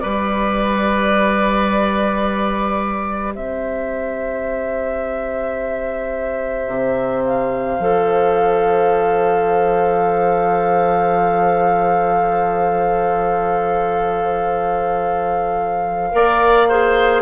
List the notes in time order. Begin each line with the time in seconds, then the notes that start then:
0.00 G3 G4 B4 D5
3.35 C4 C5 E5
6.68 C3
7.25 F5
7.80 F3 A4
16.12 A#3 A#4 D5
16.69 G#4 C5